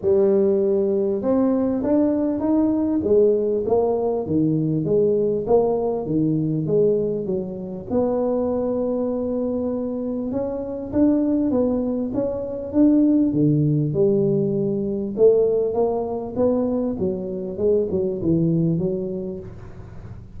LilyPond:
\new Staff \with { instrumentName = "tuba" } { \time 4/4 \tempo 4 = 99 g2 c'4 d'4 | dis'4 gis4 ais4 dis4 | gis4 ais4 dis4 gis4 | fis4 b2.~ |
b4 cis'4 d'4 b4 | cis'4 d'4 d4 g4~ | g4 a4 ais4 b4 | fis4 gis8 fis8 e4 fis4 | }